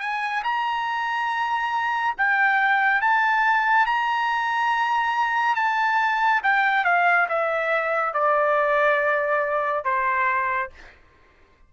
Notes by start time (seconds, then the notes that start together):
0.00 G#5
0.44 A#5
2.18 G5
3.01 A5
3.86 A#5
5.56 A5
6.43 G5
6.85 F5
7.29 E5
8.14 D5
9.85 C5